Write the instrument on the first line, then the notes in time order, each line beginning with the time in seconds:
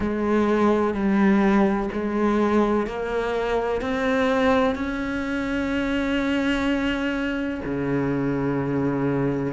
cello
0.00 G#3
0.94 G3
1.92 G#3
2.86 A#3
3.81 C4
4.75 C#4
7.65 C#3